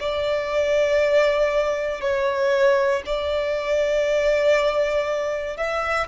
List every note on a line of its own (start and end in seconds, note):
0.00 2.01 D5
2.01 3.03 C#5
3.06 5.57 D5
5.57 6.07 E5